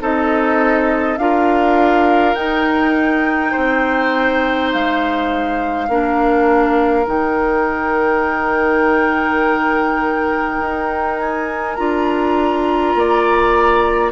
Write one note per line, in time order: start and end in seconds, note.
0.00 1.18 C4
0.00 1.18 D#4
0.00 1.19 A4
0.00 1.18 D#5
1.18 2.35 D4
1.18 2.36 F4
1.18 3.51 A#4
1.18 2.35 F5
2.35 3.53 D#4
2.35 5.89 D#4
2.35 4.70 G5
3.51 4.74 C4
3.51 5.87 C5
4.73 5.89 G#3
4.73 7.08 F5
5.89 7.06 A#3
5.89 7.05 D4
5.89 12.97 A#4
7.05 10.60 D#3
7.05 11.75 D#4
7.05 11.20 G5
10.60 11.77 D#4
11.20 11.75 G#5
11.75 12.95 D4
11.75 14.12 F4
11.75 14.11 A#5
12.95 14.12 A#3
12.95 14.12 D5